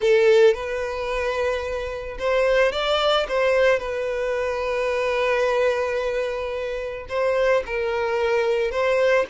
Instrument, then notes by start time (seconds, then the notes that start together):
violin
0.00 A4
0.54 B4
2.18 C5
2.71 D5
3.28 C5
3.79 B4
7.08 C5
7.66 A#4
8.71 C5